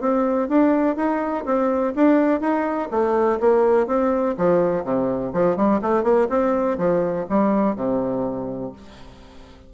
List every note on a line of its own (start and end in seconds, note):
0.00 0.48 C4
0.48 0.96 D4
0.96 1.45 D#4
1.45 1.94 C4
1.95 2.40 D4
2.40 2.89 D#4
2.91 3.39 A3
3.40 3.87 A#3
3.87 4.35 C4
4.37 4.84 F3
4.84 5.33 C3
5.33 5.56 F3
5.56 5.81 G3
5.82 6.03 A3
6.03 6.27 A#3
6.29 6.78 C4
6.78 7.26 F3
7.29 7.76 G3
7.76 8.73 C3